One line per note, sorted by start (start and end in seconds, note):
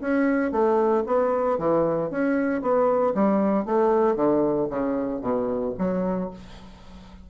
0.00 0.51 C#4
0.51 1.03 A3
1.06 1.58 B3
1.58 2.10 E3
2.10 2.61 C#4
2.61 3.14 B3
3.14 3.65 G3
3.65 4.15 A3
4.15 4.68 D3
4.69 5.21 C#3
5.21 5.73 B2
5.78 6.30 F#3